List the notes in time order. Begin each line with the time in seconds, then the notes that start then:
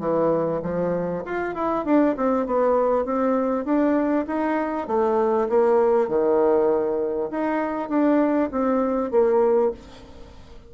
0.00 E3
0.63 F3
1.25 F4
1.55 E4
1.85 D4
2.17 C4
2.46 B3
3.05 C4
3.65 D4
4.27 D#4
4.87 A3
5.49 A#3
6.08 D#3
7.31 D#4
7.89 D4
8.52 C4
9.11 A#3